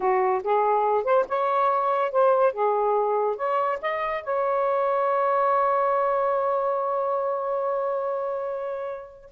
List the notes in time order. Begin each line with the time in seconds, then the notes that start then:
0.00 F#4
0.43 G#4
1.04 C5
1.28 C#5
2.11 C5
2.53 G#4
3.36 C#5
3.81 D#5
4.23 C#5